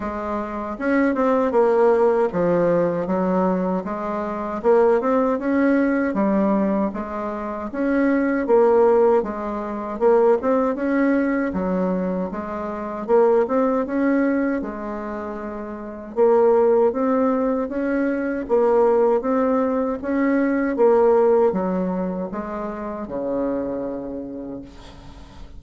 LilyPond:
\new Staff \with { instrumentName = "bassoon" } { \time 4/4 \tempo 4 = 78 gis4 cis'8 c'8 ais4 f4 | fis4 gis4 ais8 c'8 cis'4 | g4 gis4 cis'4 ais4 | gis4 ais8 c'8 cis'4 fis4 |
gis4 ais8 c'8 cis'4 gis4~ | gis4 ais4 c'4 cis'4 | ais4 c'4 cis'4 ais4 | fis4 gis4 cis2 | }